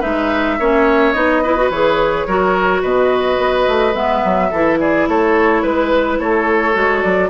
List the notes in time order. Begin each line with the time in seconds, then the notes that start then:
0.00 G#3 D#4 B4 E5
0.59 A#3 C#4 C#5
1.13 B3 D#4 D#5
1.43 E4 B4
1.57 F#4
1.70 E3 G#4 C#5
2.27 F#3 F#4 A#4
2.82 B2 B4 D#5
3.39 B3
3.68 A3
3.94 G#3 B3 E5
4.25 F#3
4.51 E3 E4 A4
4.80 G#4 D5
5.08 A3 A4 C#5
5.62 G#3 B4
6.19 A3 A4 C#5
6.73 G#3 F#4
7.02 F#3 D5